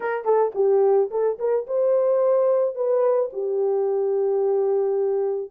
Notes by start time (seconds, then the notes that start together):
0.00 A#4
0.25 A4
0.55 G4
1.11 A4
1.38 A#4
1.66 C5
2.75 B4
3.33 G4